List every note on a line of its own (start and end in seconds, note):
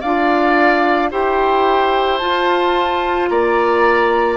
0.00 1.12 D4
0.00 1.10 F4
0.00 1.09 D5
0.00 1.10 F5
1.10 2.21 E4
1.10 2.20 G4
1.10 3.29 C5
1.10 2.17 G5
2.17 4.36 F4
2.17 3.30 F4
2.17 3.27 A5
3.28 4.36 A#3
3.28 4.36 D5
3.28 4.36 A#5